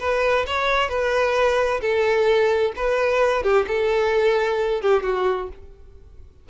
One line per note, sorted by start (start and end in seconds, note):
0.00 0.46 B4
0.47 0.89 C#5
0.89 1.81 B4
1.81 2.73 A4
2.76 3.43 B4
3.43 3.66 G4
3.67 4.82 A4
4.82 5.03 G4
5.03 5.49 F#4